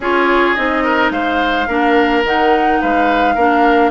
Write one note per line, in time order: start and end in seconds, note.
0.00 0.55 C#4
0.00 0.55 F4
0.00 0.84 G#4
0.00 0.54 C#5
0.54 1.10 C4
0.54 1.68 D#4
0.54 1.10 D#5
0.84 1.12 A#4
1.10 1.66 G#3
1.10 1.68 C5
1.10 2.23 F5
1.68 2.23 A#3
1.68 2.24 D4
1.68 2.80 A#4
2.23 2.80 D#3
2.23 3.38 D#4
2.23 2.81 F#5
2.81 3.36 G#3
2.81 3.34 B4
2.81 3.90 F5
3.34 3.90 A#3
3.34 3.90 D4
3.34 3.90 A#4